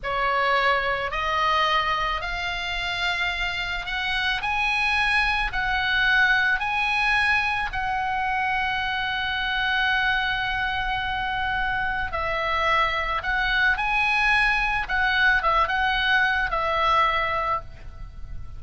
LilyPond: \new Staff \with { instrumentName = "oboe" } { \time 4/4 \tempo 4 = 109 cis''2 dis''2 | f''2. fis''4 | gis''2 fis''2 | gis''2 fis''2~ |
fis''1~ | fis''2 e''2 | fis''4 gis''2 fis''4 | e''8 fis''4. e''2 | }